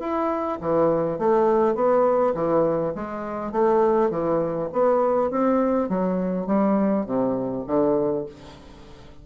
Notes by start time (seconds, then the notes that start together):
0.00 E4
0.61 E3
1.19 A3
1.75 B3
2.35 E3
2.95 G#3
3.52 A3
4.11 E3
4.73 B3
5.31 C4
5.89 F#3
6.47 G3
7.06 C3
7.67 D3